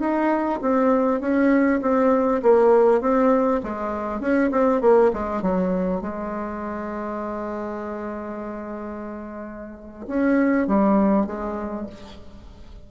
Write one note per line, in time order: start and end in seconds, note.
0.00 0.60 D#4
0.62 1.21 C4
1.21 1.81 C#4
1.82 2.42 C4
2.43 3.01 A#3
3.01 3.61 C4
3.64 4.21 G#3
4.21 4.51 C#4
4.52 4.82 C4
4.82 5.12 A#3
5.14 5.42 G#3
5.42 6.02 F#3
6.02 10.07 G#3
10.08 10.68 C#4
10.68 11.27 G3
11.27 11.87 G#3